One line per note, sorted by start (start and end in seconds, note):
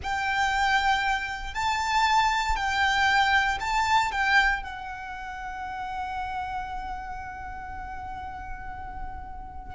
0.03 1.54 G5
1.54 2.55 A5
2.55 3.58 G5
3.60 4.11 A5
4.11 4.62 G5
4.62 9.75 F#5